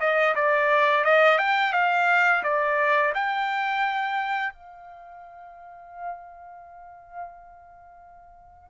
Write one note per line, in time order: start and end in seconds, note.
0.00 0.35 D#5
0.35 1.04 D5
1.04 1.38 D#5
1.38 1.73 G5
1.73 2.43 F5
2.43 3.13 D5
3.14 4.53 G5
4.53 8.70 F5